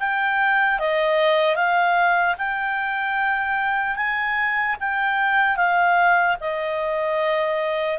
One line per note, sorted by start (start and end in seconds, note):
0.00 0.80 G5
0.80 1.56 D#5
1.56 2.36 F5
2.39 3.97 G5
3.97 4.77 G#5
4.80 5.57 G5
5.57 6.37 F5
6.41 7.99 D#5